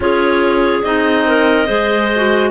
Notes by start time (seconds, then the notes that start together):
0.00 C#4 F4 G#4 C#5
0.83 C4 D#4 D#5
1.27 A#4
1.66 G#3 G#4 C5
2.15 F#4